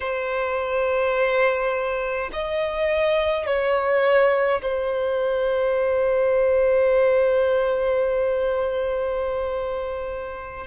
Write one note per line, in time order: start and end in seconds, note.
0.00 2.30 C5
2.32 3.46 D#5
3.46 4.62 C#5
4.62 10.67 C5